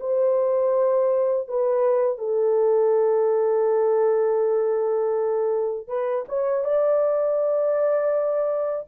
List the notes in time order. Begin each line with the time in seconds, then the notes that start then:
0.00 C5
1.48 B4
2.18 A4
5.88 B4
6.29 C#5
6.64 D5